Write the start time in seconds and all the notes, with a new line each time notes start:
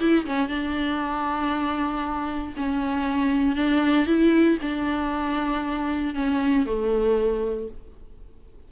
0.00 E4
0.26 C#4
0.49 D4
2.57 C#4
3.56 D4
4.07 E4
4.62 D4
6.15 C#4
6.66 A3